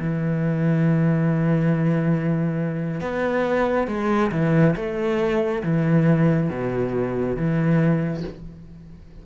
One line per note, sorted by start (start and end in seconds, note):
0.00 3.00 E3
3.00 3.87 B3
3.87 4.31 G#3
4.32 4.75 E3
4.76 5.63 A3
5.63 6.50 E3
6.50 7.37 B2
7.37 8.24 E3